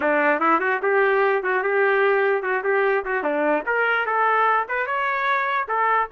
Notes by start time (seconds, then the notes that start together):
0.00 D4
0.40 E4
0.60 F#4
0.82 G4
1.43 F#4
1.63 G4
2.42 F#4
2.63 G4
3.05 F#4
3.23 D4
3.66 A#4
4.06 A4
4.68 B4
4.86 C#5
5.68 A4